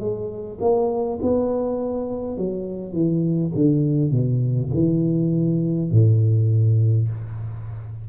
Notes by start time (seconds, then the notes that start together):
0.00 G#3
0.60 A#3
1.22 B3
2.37 F#3
2.93 E3
3.55 D3
4.12 B2
4.74 E3
5.91 A2